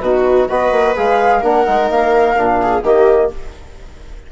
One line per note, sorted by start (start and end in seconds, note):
0.00 0.47 B2
0.00 0.50 D#4
0.00 0.49 F#4
0.00 0.47 B4
0.48 0.71 B3
0.48 0.96 F#4
0.48 1.40 B4
0.48 0.95 D#5
0.71 0.95 A#3
0.96 1.43 G#3
0.96 1.42 G#4
0.96 1.42 F5
1.40 1.66 A#3
1.40 1.65 D4
1.40 2.57 A#4
1.40 1.89 F#5
1.65 1.90 G#3
1.65 2.35 D#4
1.90 2.37 A#3
1.90 2.83 F5
2.36 2.83 A#2
2.36 2.83 D4
2.62 2.84 G#4
2.83 3.30 D#3
2.83 3.32 A#3
2.83 3.31 G4
2.83 3.31 D#5